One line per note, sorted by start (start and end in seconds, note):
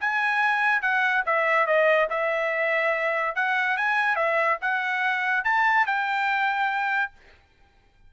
0.00 0.82 G#5
0.82 1.24 F#5
1.26 1.66 E5
1.66 2.08 D#5
2.10 3.35 E5
3.35 3.77 F#5
3.77 4.16 G#5
4.16 4.58 E5
4.61 5.44 F#5
5.44 5.86 A5
5.86 7.12 G5